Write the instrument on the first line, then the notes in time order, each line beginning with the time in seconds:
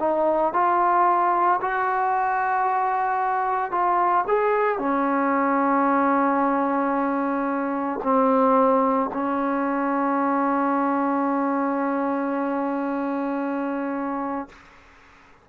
trombone
0.00 D#4
0.54 F4
1.62 F#4
3.72 F4
4.28 G#4
4.79 C#4
8.04 C4
9.14 C#4